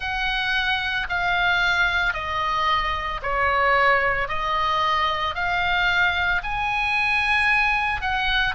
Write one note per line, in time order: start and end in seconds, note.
0.00 1.07 F#5
1.09 2.13 F5
2.13 3.20 D#5
3.22 4.28 C#5
4.28 5.35 D#5
5.35 6.42 F5
6.43 8.01 G#5
8.01 8.55 F#5